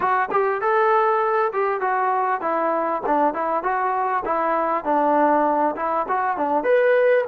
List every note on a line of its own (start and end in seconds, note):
0.00 0.29 F#4
0.31 0.61 G4
0.61 1.52 A4
1.52 1.80 G4
1.80 2.41 F#4
2.41 3.01 E4
3.06 3.34 D4
3.34 3.63 E4
3.63 4.23 F#4
4.25 4.84 E4
4.84 5.75 D4
5.75 6.06 E4
6.08 6.37 F#4
6.37 6.63 D4
6.63 7.24 B4